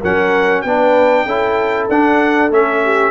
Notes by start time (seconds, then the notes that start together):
0.00 F#3 C#4 A#4 F#5
0.61 B3 D4 B4 G5
1.25 C#4 E4 A4
1.88 D4 F#5
2.50 A3 C#4 E5
2.83 G4